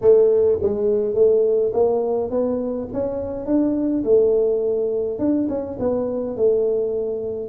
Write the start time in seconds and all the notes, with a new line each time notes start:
0.01 A3
0.62 G#3
1.14 A3
1.73 A#3
2.30 B3
2.93 C#4
3.45 D4
4.04 A3
5.18 D4
5.48 C#4
5.78 B3
6.36 A3